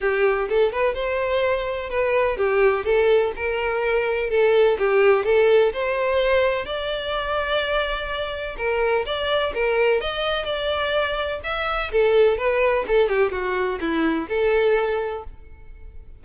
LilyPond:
\new Staff \with { instrumentName = "violin" } { \time 4/4 \tempo 4 = 126 g'4 a'8 b'8 c''2 | b'4 g'4 a'4 ais'4~ | ais'4 a'4 g'4 a'4 | c''2 d''2~ |
d''2 ais'4 d''4 | ais'4 dis''4 d''2 | e''4 a'4 b'4 a'8 g'8 | fis'4 e'4 a'2 | }